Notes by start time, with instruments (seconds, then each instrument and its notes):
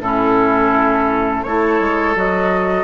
0.00 bassoon A2, clarinet C#4, oboe E4, flute A4
1.43 bassoon A3, clarinet E4, oboe A4, flute C#5
1.79 bassoon G#3
2.15 bassoon F#3, clarinet F#4, flute D#5